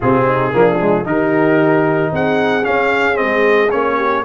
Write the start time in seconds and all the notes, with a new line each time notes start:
0.00 C3 C4 F4 G#4
0.26 D#4
0.52 F3 A#3 D4
0.80 G#3
1.04 D#3 D#4 G4 A#4
2.12 C4 G#4 F#5
2.63 C#4 F5
3.14 C4 D#5
3.20 G#3
3.71 A#3 C#4 C#5
3.96 G4